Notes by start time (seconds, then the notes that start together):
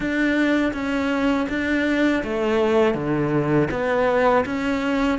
0.00 D4
0.73 C#4
1.49 D4
2.23 A3
2.94 D3
3.70 B3
4.45 C#4